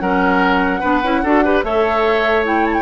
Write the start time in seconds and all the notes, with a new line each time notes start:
0.00 F#3 C#4 A#4 F#5
0.81 B3 D4 B4
1.04 C#4 E4
1.24 D4 F#4 A4
1.45 G4 B4
1.64 A3 A4 C#5 E5
2.44 E4 G5
2.66 A5
2.74 G5